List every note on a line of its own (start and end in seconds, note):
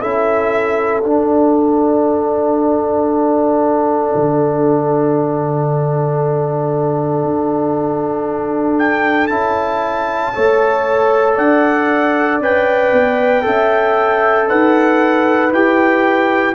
0.00 1.04 C#4
0.00 1.03 E4
0.00 10.34 A4
0.00 1.01 E5
1.01 4.14 D4
1.01 9.30 D4
1.01 8.77 F#5
4.15 7.24 D3
7.24 9.29 D4
8.79 9.28 G5
9.28 10.33 C#4
9.28 10.34 E4
9.28 11.34 A5
10.34 11.38 A3
10.34 12.41 A4
10.34 11.35 C#5
11.35 12.40 D4
11.35 13.42 D5
11.35 12.41 F#5
12.40 12.92 C#4
12.40 13.42 B4
12.40 14.49 G5
12.92 13.44 B3
13.42 14.49 C#4
13.42 15.49 A4
13.42 14.49 E5
14.49 15.52 D#4
14.49 16.55 B4
14.49 15.53 F#5
15.52 16.55 E4
15.52 16.55 G4
15.52 16.55 G5